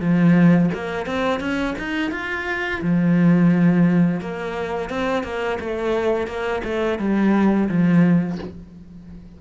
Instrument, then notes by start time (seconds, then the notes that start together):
cello
0.00 F3
0.74 A#3
1.06 C4
1.40 C#4
1.78 D#4
2.11 F4
2.81 F3
4.21 A#3
4.89 C4
5.24 A#3
5.60 A3
6.27 A#3
6.64 A3
6.99 G3
7.69 F3